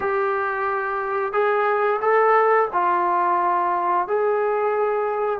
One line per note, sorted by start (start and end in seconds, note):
0.00 1.32 G4
1.32 2.00 G#4
2.01 2.68 A4
2.72 4.07 F4
4.07 5.39 G#4